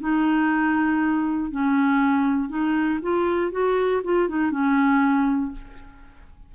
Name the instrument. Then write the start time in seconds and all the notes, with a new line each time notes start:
clarinet
0.00 D#4
1.51 C#4
2.49 D#4
3.02 F4
3.52 F#4
4.04 F4
4.29 D#4
4.51 C#4